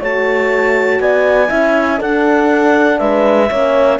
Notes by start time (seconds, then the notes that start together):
0.00 A3 F#4 C#5 A5
1.00 B3 D5 G#5
1.48 C#4 E4 E5
1.99 D4 A4 F#5
2.99 G#3 B4 E5
3.50 A#3 C#4 C#5